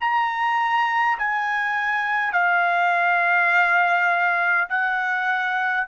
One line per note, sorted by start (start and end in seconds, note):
0.00 1.18 A#5
1.19 2.32 G#5
2.32 4.67 F5
4.69 5.87 F#5